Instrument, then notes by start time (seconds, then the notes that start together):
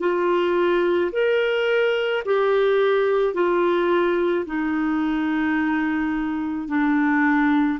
clarinet
0.00 F4
1.12 A#4
2.25 G4
3.34 F4
4.46 D#4
6.68 D4